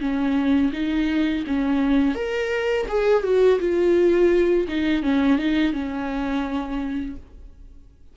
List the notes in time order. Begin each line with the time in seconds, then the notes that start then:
0.00 C#4
0.73 D#4
1.47 C#4
2.15 A#4
2.88 G#4
3.23 F#4
3.59 F4
4.68 D#4
5.03 C#4
5.38 D#4
5.73 C#4